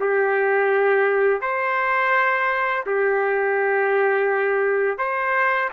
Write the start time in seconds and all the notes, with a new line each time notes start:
0.00 G4
1.41 C5
2.86 G4
4.98 C5